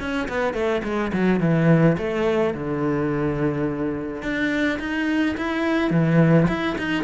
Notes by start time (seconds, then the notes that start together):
0.00 C#4
0.29 B3
0.54 A3
0.84 G#3
1.13 F#3
1.40 E3
1.98 A3
2.54 D3
4.22 D4
4.79 D#4
5.37 E4
5.90 E3
6.48 E4
6.78 D#4